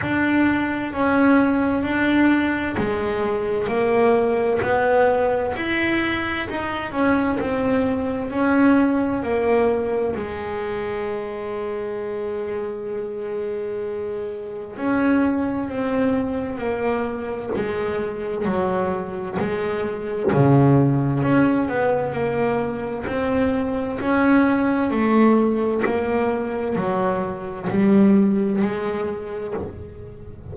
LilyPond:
\new Staff \with { instrumentName = "double bass" } { \time 4/4 \tempo 4 = 65 d'4 cis'4 d'4 gis4 | ais4 b4 e'4 dis'8 cis'8 | c'4 cis'4 ais4 gis4~ | gis1 |
cis'4 c'4 ais4 gis4 | fis4 gis4 cis4 cis'8 b8 | ais4 c'4 cis'4 a4 | ais4 fis4 g4 gis4 | }